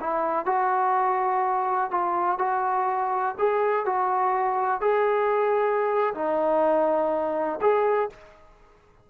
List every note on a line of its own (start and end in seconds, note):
0.00 0.45 E4
0.45 1.90 F#4
1.90 2.38 F4
2.38 3.35 F#4
3.38 3.85 G#4
3.85 4.81 F#4
4.81 6.14 G#4
6.14 7.59 D#4
7.61 8.09 G#4